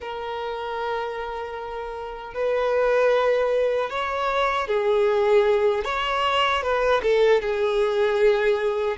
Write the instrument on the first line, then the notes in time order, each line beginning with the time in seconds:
violin
0.00 A#4
2.34 B4
3.90 C#5
4.67 G#4
5.84 C#5
6.62 B4
7.02 A4
7.41 G#4